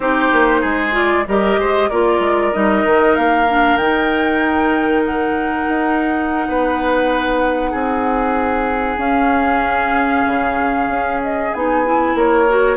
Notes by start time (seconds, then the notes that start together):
0.00 C4 D#4 G4 C5
0.32 A#3
0.61 G#3 G#4
0.92 F4 D5
1.27 G3 G4 A#4 D#5
1.57 G#3 C5
1.89 A#3 F4 A#4 D5
2.19 G#3
2.52 G3 D#4 D#5
2.84 D#3
3.15 A#3 F5
3.47 D4
3.76 D#3 D#4 G5
5.05 F#5
5.68 D#4
6.47 B3 B4
7.71 C4 G#4
8.97 C#4 F5
10.26 C#3
10.88 C#4
11.22 D#5
11.54 B3 D#4 G#5
11.85 E4
12.14 A#3 A#4 C#5
12.48 F#4